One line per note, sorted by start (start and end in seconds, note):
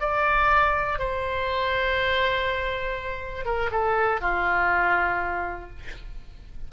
0.00 0.99 D5
0.99 3.45 C5
3.45 3.70 A#4
3.71 4.21 A4
4.21 5.70 F4